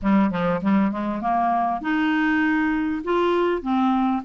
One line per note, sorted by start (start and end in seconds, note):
0.02 0.30 G3
0.30 0.61 F3
0.61 0.91 G3
0.91 1.21 G#3
1.21 1.81 A#3
1.81 3.02 D#4
3.04 3.62 F4
3.62 4.22 C4